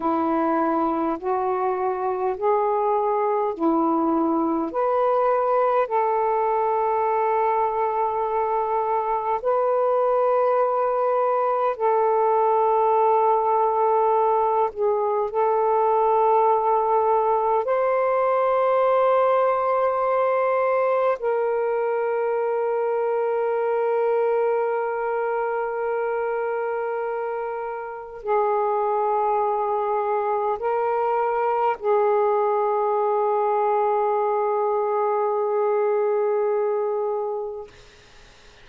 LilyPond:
\new Staff \with { instrumentName = "saxophone" } { \time 4/4 \tempo 4 = 51 e'4 fis'4 gis'4 e'4 | b'4 a'2. | b'2 a'2~ | a'8 gis'8 a'2 c''4~ |
c''2 ais'2~ | ais'1 | gis'2 ais'4 gis'4~ | gis'1 | }